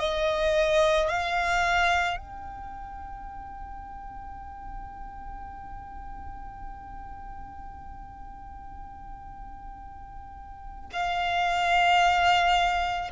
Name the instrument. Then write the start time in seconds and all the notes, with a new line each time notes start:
violin
0.00 D#5
1.09 F5
2.18 G5
10.93 F5